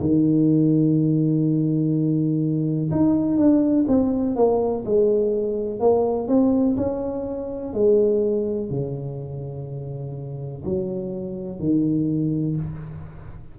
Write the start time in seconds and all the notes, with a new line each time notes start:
0.00 D#3
2.91 D#4
3.37 D4
3.88 C4
4.36 A#3
4.85 G#3
5.80 A#3
6.28 C4
6.77 C#4
7.73 G#3
8.70 C#3
10.65 F#3
11.59 D#3